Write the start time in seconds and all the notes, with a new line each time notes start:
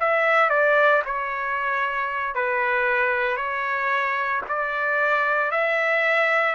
0.00 E5
0.49 D5
1.05 C#5
2.34 B4
3.37 C#5
4.48 D5
5.51 E5